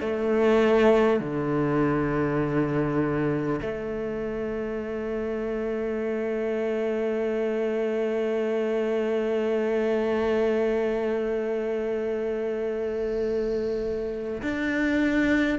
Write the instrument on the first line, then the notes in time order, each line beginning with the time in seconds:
cello
0.00 A3
1.19 D3
3.61 A3
14.42 D4